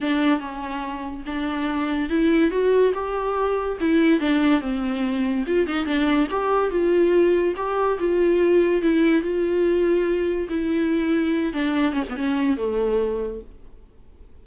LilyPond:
\new Staff \with { instrumentName = "viola" } { \time 4/4 \tempo 4 = 143 d'4 cis'2 d'4~ | d'4 e'4 fis'4 g'4~ | g'4 e'4 d'4 c'4~ | c'4 f'8 dis'8 d'4 g'4 |
f'2 g'4 f'4~ | f'4 e'4 f'2~ | f'4 e'2~ e'8 d'8~ | d'8 cis'16 b16 cis'4 a2 | }